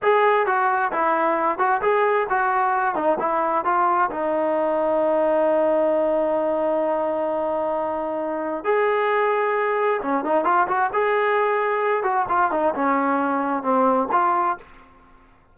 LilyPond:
\new Staff \with { instrumentName = "trombone" } { \time 4/4 \tempo 4 = 132 gis'4 fis'4 e'4. fis'8 | gis'4 fis'4. dis'8 e'4 | f'4 dis'2.~ | dis'1~ |
dis'2. gis'4~ | gis'2 cis'8 dis'8 f'8 fis'8 | gis'2~ gis'8 fis'8 f'8 dis'8 | cis'2 c'4 f'4 | }